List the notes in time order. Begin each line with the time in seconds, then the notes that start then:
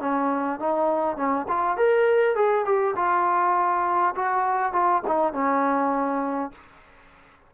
0.00 C#4
0.59 D#4
1.17 C#4
1.48 F4
1.77 A#4
2.35 G#4
2.65 G4
2.96 F4
4.15 F#4
4.73 F4
5.07 D#4
5.33 C#4